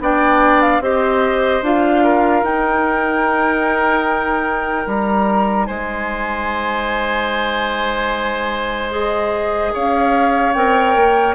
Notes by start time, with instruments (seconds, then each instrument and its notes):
0.00 bassoon B3, clarinet D4, oboe D5, flute G5
0.62 flute F5
0.80 bassoon C4, clarinet G4, oboe C5, flute D#5
1.62 bassoon D4, clarinet F4, flute F5
2.04 oboe A#4
2.43 bassoon D#4, clarinet D#4, flute G5
4.87 bassoon G3, flute A#5
5.66 bassoon G#3, oboe C5, flute G#5
8.91 clarinet G#4, flute D#5
9.73 bassoon C#4, oboe C#5, flute F5
10.53 bassoon C4, clarinet A#4, flute G5
10.96 bassoon A#3